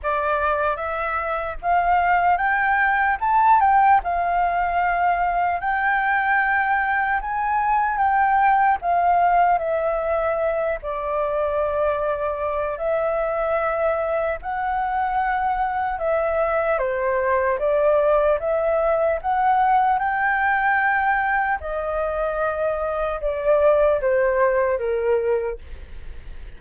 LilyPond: \new Staff \with { instrumentName = "flute" } { \time 4/4 \tempo 4 = 75 d''4 e''4 f''4 g''4 | a''8 g''8 f''2 g''4~ | g''4 gis''4 g''4 f''4 | e''4. d''2~ d''8 |
e''2 fis''2 | e''4 c''4 d''4 e''4 | fis''4 g''2 dis''4~ | dis''4 d''4 c''4 ais'4 | }